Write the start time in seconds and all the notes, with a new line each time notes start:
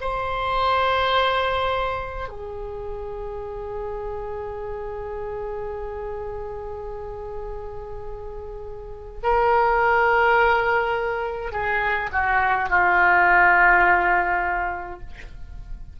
0.00 C5
2.29 G#4
9.23 A#4
11.52 G#4
12.12 F#4
12.69 F4